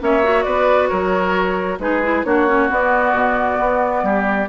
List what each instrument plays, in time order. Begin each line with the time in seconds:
0.00 bassoon A#3, clarinet C#4, oboe C#5, flute E5
0.23 clarinet F#4
0.43 bassoon B3, oboe B4, flute D5
0.89 bassoon F#3, oboe A#4, flute C#5
1.79 bassoon G#3, clarinet D#4, oboe G#4, flute B4
2.03 clarinet E4
2.25 bassoon A#3, clarinet D4, oboe F#4, flute C#5
2.47 clarinet C#4
2.70 clarinet B3, bassoon B3, flute D5
3.13 bassoon B2
3.60 bassoon B3
4.03 bassoon G3, oboe G4